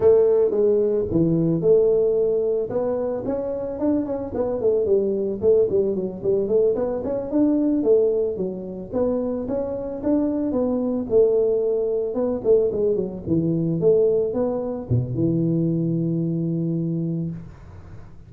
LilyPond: \new Staff \with { instrumentName = "tuba" } { \time 4/4 \tempo 4 = 111 a4 gis4 e4 a4~ | a4 b4 cis'4 d'8 cis'8 | b8 a8 g4 a8 g8 fis8 g8 | a8 b8 cis'8 d'4 a4 fis8~ |
fis8 b4 cis'4 d'4 b8~ | b8 a2 b8 a8 gis8 | fis8 e4 a4 b4 b,8 | e1 | }